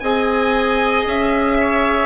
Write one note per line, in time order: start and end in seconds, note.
0.00 1.05 C4
0.00 2.06 G#4
0.00 1.57 D#5
0.00 1.03 G#5
1.05 2.06 C#4
1.05 2.06 E5
1.60 2.06 C#5